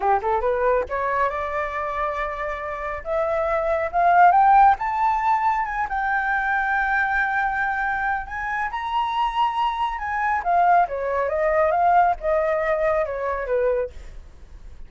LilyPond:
\new Staff \with { instrumentName = "flute" } { \time 4/4 \tempo 4 = 138 g'8 a'8 b'4 cis''4 d''4~ | d''2. e''4~ | e''4 f''4 g''4 a''4~ | a''4 gis''8 g''2~ g''8~ |
g''2. gis''4 | ais''2. gis''4 | f''4 cis''4 dis''4 f''4 | dis''2 cis''4 b'4 | }